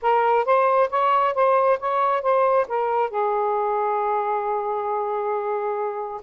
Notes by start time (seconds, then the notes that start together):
0.01 A#4
0.45 C5
0.90 C#5
1.34 C5
1.79 C#5
2.22 C5
2.68 A#4
3.10 G#4